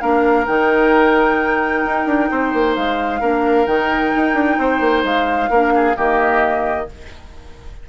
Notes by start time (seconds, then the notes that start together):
0.00 A#3 D4 A#4 F5
0.46 D#3 D#4 G5
1.86 D#4
2.06 D4
2.31 C4 C5
2.53 A#3
2.76 G#3 F5
3.20 A#3 D4 A#4
3.66 D#3 D#4 G5
4.16 D#4
4.34 D4
4.58 C4 C5
4.80 A#3
5.04 G#3 F5
5.50 A#3 D4 A#4
5.75 G#4
5.95 D#3 A#3 G4 D#5